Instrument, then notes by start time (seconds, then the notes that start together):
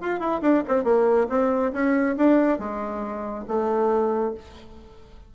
bassoon
0.00 F4
0.19 E4
0.41 D4
0.67 C4
0.84 A#3
1.29 C4
1.72 C#4
2.16 D4
2.58 G#3
3.48 A3